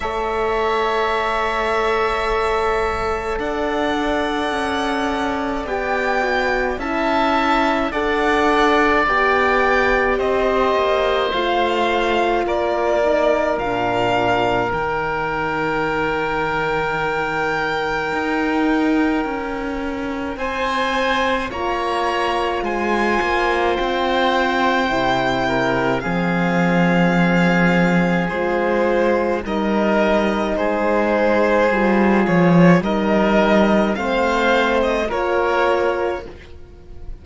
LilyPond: <<
  \new Staff \with { instrumentName = "violin" } { \time 4/4 \tempo 4 = 53 e''2. fis''4~ | fis''4 g''4 a''4 fis''4 | g''4 dis''4 f''4 d''4 | f''4 g''2.~ |
g''2 gis''4 ais''4 | gis''4 g''2 f''4~ | f''4 c''4 dis''4 c''4~ | c''8 cis''8 dis''4 f''8. dis''16 cis''4 | }
  \new Staff \with { instrumentName = "oboe" } { \time 4/4 cis''2. d''4~ | d''2 e''4 d''4~ | d''4 c''2 ais'4~ | ais'1~ |
ais'2 c''4 cis''4 | c''2~ c''8 ais'8 gis'4~ | gis'2 ais'4 gis'4~ | gis'4 ais'4 c''4 ais'4 | }
  \new Staff \with { instrumentName = "horn" } { \time 4/4 a'1~ | a'4 g'8 fis'8 e'4 a'4 | g'2 f'4. dis'8 | d'4 dis'2.~ |
dis'2. f'4~ | f'2 e'4 c'4~ | c'4 f'4 dis'2 | f'4 dis'4 c'4 f'4 | }
  \new Staff \with { instrumentName = "cello" } { \time 4/4 a2. d'4 | cis'4 b4 cis'4 d'4 | b4 c'8 ais8 a4 ais4 | ais,4 dis2. |
dis'4 cis'4 c'4 ais4 | gis8 ais8 c'4 c4 f4~ | f4 gis4 g4 gis4 | g8 f8 g4 a4 ais4 | }
>>